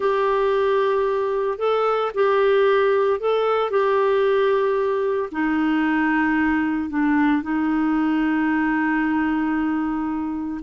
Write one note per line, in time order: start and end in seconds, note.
0.00 1.58 G4
1.58 2.11 A4
2.14 3.20 G4
3.20 3.70 A4
3.70 5.29 G4
5.31 6.89 D#4
6.89 7.42 D4
7.42 10.60 D#4